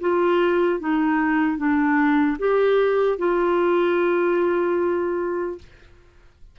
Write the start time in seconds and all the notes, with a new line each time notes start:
0.00 F4
0.80 D#4
1.57 D4
2.38 G4
3.18 F4